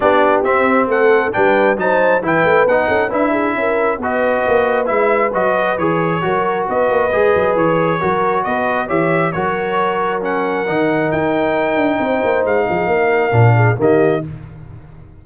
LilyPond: <<
  \new Staff \with { instrumentName = "trumpet" } { \time 4/4 \tempo 4 = 135 d''4 e''4 fis''4 g''4 | a''4 g''4 fis''4 e''4~ | e''4 dis''2 e''4 | dis''4 cis''2 dis''4~ |
dis''4 cis''2 dis''4 | e''4 cis''2 fis''4~ | fis''4 g''2. | f''2. dis''4 | }
  \new Staff \with { instrumentName = "horn" } { \time 4/4 g'2 a'4 b'4 | c''4 b'4. a'8 b'8 gis'8 | ais'4 b'2.~ | b'2 ais'4 b'4~ |
b'2 ais'4 b'4 | cis''4 ais'2.~ | ais'2. c''4~ | c''8 gis'8 ais'4. gis'8 g'4 | }
  \new Staff \with { instrumentName = "trombone" } { \time 4/4 d'4 c'2 d'4 | dis'4 e'4 dis'4 e'4~ | e'4 fis'2 e'4 | fis'4 gis'4 fis'2 |
gis'2 fis'2 | g'4 fis'2 cis'4 | dis'1~ | dis'2 d'4 ais4 | }
  \new Staff \with { instrumentName = "tuba" } { \time 4/4 b4 c'4 a4 g4 | fis4 e8 a8 b8 cis'8 d'4 | cis'4 b4 ais4 gis4 | fis4 e4 fis4 b8 ais8 |
gis8 fis8 e4 fis4 b4 | e4 fis2. | dis4 dis'4. d'8 c'8 ais8 | gis8 f8 ais4 ais,4 dis4 | }
>>